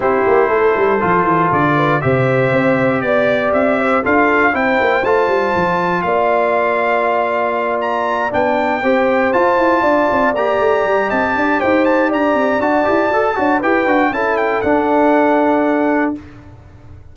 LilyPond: <<
  \new Staff \with { instrumentName = "trumpet" } { \time 4/4 \tempo 4 = 119 c''2. d''4 | e''2 d''4 e''4 | f''4 g''4 a''2 | f''2.~ f''8 ais''8~ |
ais''8 g''2 a''4.~ | a''8 ais''4. a''4 g''8 a''8 | ais''4 a''2 g''4 | a''8 g''8 fis''2. | }
  \new Staff \with { instrumentName = "horn" } { \time 4/4 g'4 a'2~ a'8 b'8 | c''2 d''4. c''8 | a'4 c''2. | d''1~ |
d''4. c''2 d''8~ | d''2 dis''8 d''8 c''4 | d''2~ d''8 cis''8 b'4 | a'1 | }
  \new Staff \with { instrumentName = "trombone" } { \time 4/4 e'2 f'2 | g'1 | f'4 e'4 f'2~ | f'1~ |
f'8 d'4 g'4 f'4.~ | f'8 g'2.~ g'8~ | g'4 fis'8 g'8 a'8 fis'8 g'8 fis'8 | e'4 d'2. | }
  \new Staff \with { instrumentName = "tuba" } { \time 4/4 c'8 ais8 a8 g8 f8 e8 d4 | c4 c'4 b4 c'4 | d'4 c'8 ais8 a8 g8 f4 | ais1~ |
ais8 b4 c'4 f'8 e'8 d'8 | c'8 ais8 a8 g8 c'8 d'8 dis'4 | d'8 c'8 d'8 e'8 fis'8 d'8 e'8 d'8 | cis'4 d'2. | }
>>